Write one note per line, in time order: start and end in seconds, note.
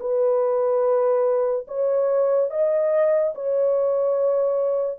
0.00 1.67 B4
1.68 2.50 C#5
2.50 3.34 D#5
3.35 4.99 C#5